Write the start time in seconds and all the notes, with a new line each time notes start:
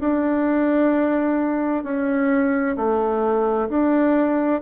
0.00 D4
1.83 C#4
2.76 A3
3.69 D4